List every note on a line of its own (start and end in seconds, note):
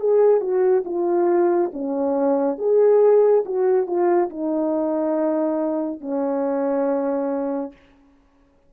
0.00 0.41 G#4
0.41 0.84 F#4
0.85 1.71 F4
1.73 2.59 C#4
2.59 3.44 G#4
3.46 3.87 F#4
3.87 4.30 F4
4.30 6.01 D#4
6.01 7.73 C#4